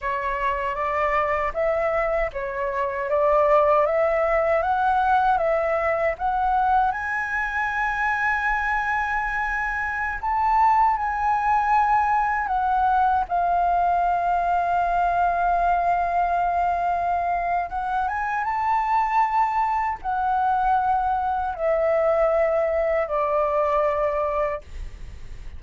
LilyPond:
\new Staff \with { instrumentName = "flute" } { \time 4/4 \tempo 4 = 78 cis''4 d''4 e''4 cis''4 | d''4 e''4 fis''4 e''4 | fis''4 gis''2.~ | gis''4~ gis''16 a''4 gis''4.~ gis''16~ |
gis''16 fis''4 f''2~ f''8.~ | f''2. fis''8 gis''8 | a''2 fis''2 | e''2 d''2 | }